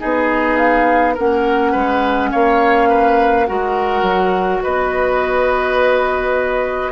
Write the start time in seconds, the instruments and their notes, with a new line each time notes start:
0.00 bassoon B3, clarinet D#4, oboe G#4, flute D#5
0.57 flute F5
1.14 bassoon A#3, clarinet C#4, oboe A#4, flute F#5
1.72 bassoon G#3, oboe B4
2.32 bassoon A#3, oboe C#5, flute F5
2.89 oboe B4
3.47 bassoon G#3, clarinet F#4, oboe A#4, flute F#5
4.02 bassoon F#3
4.63 bassoon B3, oboe B4, flute D#5